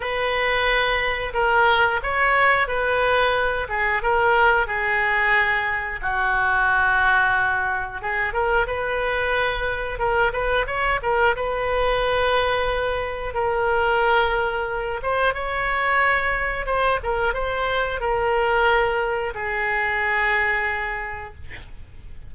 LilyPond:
\new Staff \with { instrumentName = "oboe" } { \time 4/4 \tempo 4 = 90 b'2 ais'4 cis''4 | b'4. gis'8 ais'4 gis'4~ | gis'4 fis'2. | gis'8 ais'8 b'2 ais'8 b'8 |
cis''8 ais'8 b'2. | ais'2~ ais'8 c''8 cis''4~ | cis''4 c''8 ais'8 c''4 ais'4~ | ais'4 gis'2. | }